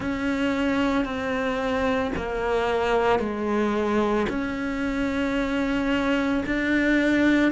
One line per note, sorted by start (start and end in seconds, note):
0.00 1.04 C#4
1.04 2.11 C4
2.16 3.19 A#3
3.19 4.26 G#3
4.29 6.43 C#4
6.46 7.51 D4